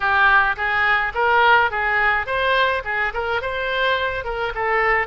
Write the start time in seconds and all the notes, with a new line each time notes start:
0.00 G4
0.56 G#4
1.14 A#4
1.70 G#4
2.26 C5
2.84 G#4
3.13 A#4
3.41 C5
4.24 A#4
4.54 A4